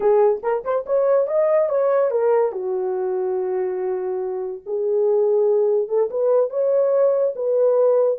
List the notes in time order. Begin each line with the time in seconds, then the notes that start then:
0.00 G#4
0.43 A#4
0.64 C5
0.86 C#5
1.27 D#5
1.69 C#5
2.10 A#4
2.52 F#4
4.66 G#4
5.88 A4
6.10 B4
6.50 C#5
7.35 B4